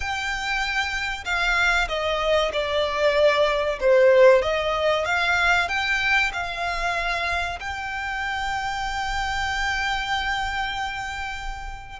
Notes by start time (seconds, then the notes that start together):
0.00 G5
1.24 F5
1.88 D#5
2.53 D5
3.80 C5
4.42 D#5
5.05 F5
5.68 G5
6.32 F5
7.60 G5